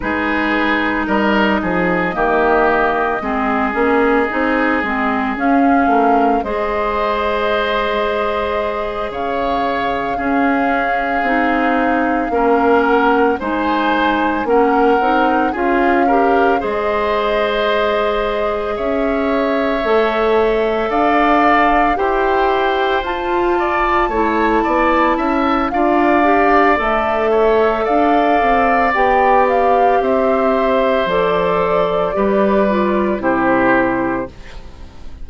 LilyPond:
<<
  \new Staff \with { instrumentName = "flute" } { \time 4/4 \tempo 4 = 56 b'4 dis''2.~ | dis''4 f''4 dis''2~ | dis''8 f''2.~ f''8 | fis''8 gis''4 fis''4 f''4 dis''8~ |
dis''4. e''2 f''8~ | f''8 g''4 a''2~ a''8 | f''4 e''4 f''4 g''8 f''8 | e''4 d''2 c''4 | }
  \new Staff \with { instrumentName = "oboe" } { \time 4/4 gis'4 ais'8 gis'8 g'4 gis'4~ | gis'4. ais'8 c''2~ | c''8 cis''4 gis'2 ais'8~ | ais'8 c''4 ais'4 gis'8 ais'8 c''8~ |
c''4. cis''2 d''8~ | d''8 c''4. d''8 cis''8 d''8 e''8 | d''4. cis''8 d''2 | c''2 b'4 g'4 | }
  \new Staff \with { instrumentName = "clarinet" } { \time 4/4 dis'2 ais4 c'8 cis'8 | dis'8 c'8 cis'4 gis'2~ | gis'4. cis'4 dis'4 cis'8~ | cis'8 dis'4 cis'8 dis'8 f'8 g'8 gis'8~ |
gis'2~ gis'8 a'4.~ | a'8 g'4 f'4 e'4. | f'8 g'8 a'2 g'4~ | g'4 a'4 g'8 f'8 e'4 | }
  \new Staff \with { instrumentName = "bassoon" } { \time 4/4 gis4 g8 f8 dis4 gis8 ais8 | c'8 gis8 cis'8 a8 gis2~ | gis8 cis4 cis'4 c'4 ais8~ | ais8 gis4 ais8 c'8 cis'4 gis8~ |
gis4. cis'4 a4 d'8~ | d'8 e'4 f'4 a8 b8 cis'8 | d'4 a4 d'8 c'8 b4 | c'4 f4 g4 c4 | }
>>